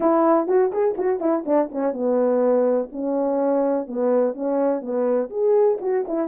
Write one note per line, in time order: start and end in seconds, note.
0.00 0.47 E4
0.47 0.71 F#4
0.71 0.96 G#4
0.97 1.20 F#4
1.20 1.44 E4
1.45 1.70 D4
1.71 1.92 C#4
1.92 2.89 B3
2.92 3.87 C#4
3.87 4.34 B3
4.34 4.81 C#4
4.81 5.29 B3
5.30 5.78 G#4
5.81 6.05 F#4
6.07 6.27 E4